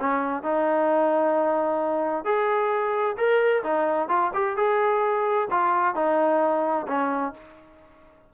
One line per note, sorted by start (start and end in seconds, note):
0.00 0.44 C#4
0.44 2.25 D#4
2.25 3.17 G#4
3.18 3.63 A#4
3.64 4.09 D#4
4.09 4.32 F4
4.34 4.57 G4
4.57 5.48 G#4
5.51 5.95 F4
5.95 6.87 D#4
6.88 7.34 C#4